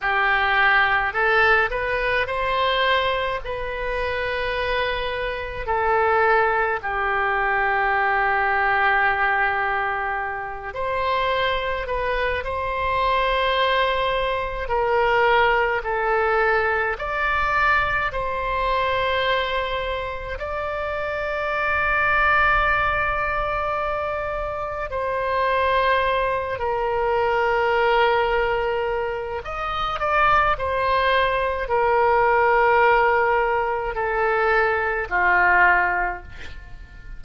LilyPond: \new Staff \with { instrumentName = "oboe" } { \time 4/4 \tempo 4 = 53 g'4 a'8 b'8 c''4 b'4~ | b'4 a'4 g'2~ | g'4. c''4 b'8 c''4~ | c''4 ais'4 a'4 d''4 |
c''2 d''2~ | d''2 c''4. ais'8~ | ais'2 dis''8 d''8 c''4 | ais'2 a'4 f'4 | }